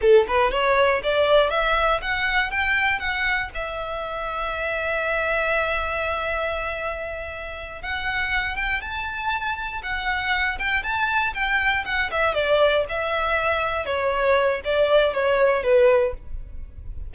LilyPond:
\new Staff \with { instrumentName = "violin" } { \time 4/4 \tempo 4 = 119 a'8 b'8 cis''4 d''4 e''4 | fis''4 g''4 fis''4 e''4~ | e''1~ | e''2.~ e''8 fis''8~ |
fis''4 g''8 a''2 fis''8~ | fis''4 g''8 a''4 g''4 fis''8 | e''8 d''4 e''2 cis''8~ | cis''4 d''4 cis''4 b'4 | }